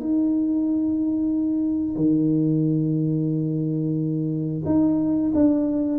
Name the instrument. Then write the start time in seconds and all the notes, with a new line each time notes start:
tuba
0.00 D#4
1.96 D#3
4.65 D#4
5.35 D4